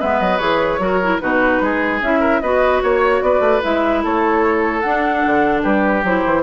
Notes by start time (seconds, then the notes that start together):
0.00 G#3 B3 B4 E5
0.20 F#3 D#5
0.38 E3 G#4 C#5
0.79 F#3 F#4 A#4
1.03 E4
1.20 B2 D#4 F#4 B4
1.61 G#3 G#4
2.01 C#4 E4 E5
2.20 A#4
2.41 B3 F#4 B4 D#5
2.83 A#3 C#5
3.22 B3 B4 D5
3.40 A3
3.62 G#3 E4 E5
4.04 A3 A4 C#5
4.80 D4 F#5
5.26 D3
5.62 G3 G4 B4
6.04 F#3 E4 C5
6.25 E3